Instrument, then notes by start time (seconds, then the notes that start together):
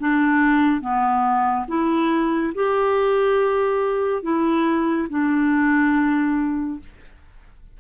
clarinet
0.00 D4
0.81 B3
1.68 E4
2.55 G4
4.23 E4
5.10 D4